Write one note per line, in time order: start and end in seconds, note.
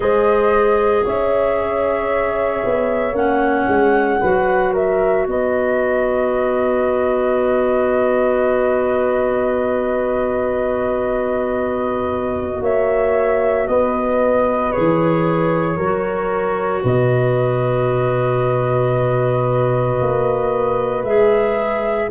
0.00 1.05 G#3
0.00 3.14 G#4
0.00 1.04 C5
0.00 1.05 D#5
1.04 2.63 C#4
1.04 4.20 C#5
1.04 3.15 E5
2.64 3.12 B3
3.12 3.65 A#3
3.12 4.20 C#4
3.12 4.73 F#5
3.68 4.20 G#3
4.20 5.27 F#3
4.20 14.73 F#4
4.20 4.73 B4
4.73 5.25 A#4
4.73 5.27 E5
5.27 12.61 B3
5.27 12.61 B4
5.27 12.63 D#5
12.61 13.66 A#3
12.61 13.67 C#5
12.61 13.67 E5
13.67 14.73 B3
13.67 15.76 B4
13.67 14.71 D#5
14.71 15.77 E3
14.71 15.78 G#4
14.71 16.82 C#5
15.76 16.82 F#3
15.76 16.81 A#4
15.83 21.07 F#4
16.83 19.99 B2
16.83 22.09 B4
16.83 21.04 D#5
20.00 21.03 A#3
21.03 22.09 G#3
21.03 22.10 G#4
21.03 22.09 E5